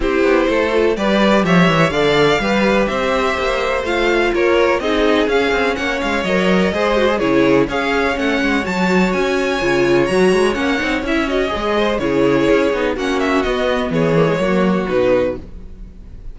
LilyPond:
<<
  \new Staff \with { instrumentName = "violin" } { \time 4/4 \tempo 4 = 125 c''2 d''4 e''4 | f''2 e''2 | f''4 cis''4 dis''4 f''4 | fis''8 f''8 dis''2 cis''4 |
f''4 fis''4 a''4 gis''4~ | gis''4 ais''4 fis''4 e''8 dis''8~ | dis''4 cis''2 fis''8 e''8 | dis''4 cis''2 b'4 | }
  \new Staff \with { instrumentName = "violin" } { \time 4/4 g'4 a'4 b'4 cis''4 | d''4 b'4 c''2~ | c''4 ais'4 gis'2 | cis''2 c''4 gis'4 |
cis''1~ | cis''1~ | cis''8 c''8 gis'2 fis'4~ | fis'4 gis'4 fis'2 | }
  \new Staff \with { instrumentName = "viola" } { \time 4/4 e'4. f'8 g'2 | a'4 g'2. | f'2 dis'4 cis'4~ | cis'4 ais'4 gis'8 fis'16 gis'16 e'4 |
gis'4 cis'4 fis'2 | f'4 fis'4 cis'8 dis'8 e'8 fis'8 | gis'4 e'4. dis'8 cis'4 | b4. ais16 gis16 ais4 dis'4 | }
  \new Staff \with { instrumentName = "cello" } { \time 4/4 c'8 b8 a4 g4 f8 e8 | d4 g4 c'4 ais4 | a4 ais4 c'4 cis'8 c'8 | ais8 gis8 fis4 gis4 cis4 |
cis'4 a8 gis8 fis4 cis'4 | cis4 fis8 gis8 ais8 c'8 cis'4 | gis4 cis4 cis'8 b8 ais4 | b4 e4 fis4 b,4 | }
>>